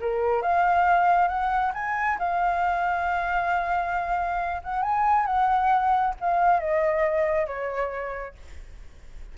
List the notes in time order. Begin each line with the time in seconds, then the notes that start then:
0.00 A#4
0.42 F5
1.28 F#5
1.73 G#5
2.19 F5
4.63 F#5
4.82 G#5
5.26 F#5
6.20 F5
6.59 D#5
7.46 C#5